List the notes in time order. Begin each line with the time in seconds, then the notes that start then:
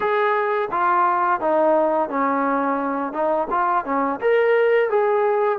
0.00 G#4
0.71 F4
1.40 D#4
2.09 C#4
3.12 D#4
3.50 F4
3.85 C#4
4.21 A#4
4.90 G#4